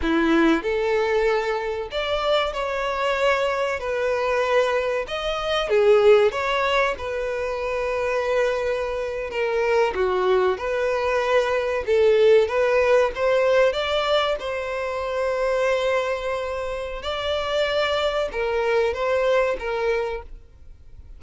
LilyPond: \new Staff \with { instrumentName = "violin" } { \time 4/4 \tempo 4 = 95 e'4 a'2 d''4 | cis''2 b'2 | dis''4 gis'4 cis''4 b'4~ | b'2~ b'8. ais'4 fis'16~ |
fis'8. b'2 a'4 b'16~ | b'8. c''4 d''4 c''4~ c''16~ | c''2. d''4~ | d''4 ais'4 c''4 ais'4 | }